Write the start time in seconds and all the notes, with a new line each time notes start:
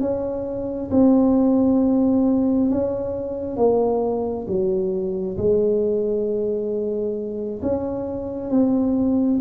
0.00 C#4
0.91 C4
2.70 C#4
3.57 A#3
4.47 F#3
5.37 G#3
7.62 C#4
8.50 C4